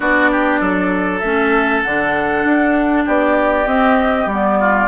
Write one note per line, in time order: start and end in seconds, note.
0.00 0.60 B3
0.00 1.21 D4
0.00 0.30 F#4
0.00 1.19 D5
0.31 0.60 G4
0.60 1.22 F#3
0.60 3.05 A4
1.19 1.83 A3
1.19 1.85 C#4
1.19 1.80 E5
1.82 2.44 D3
1.82 3.66 D4
1.82 3.05 F#5
2.44 3.05 D4
3.05 3.66 B3
3.05 4.58 G4
3.05 3.67 D5
3.66 4.26 C4
3.66 4.27 C4
3.66 4.28 D#5
4.26 4.87 G3
4.26 4.88 B3
4.26 4.88 D5
4.59 4.88 F4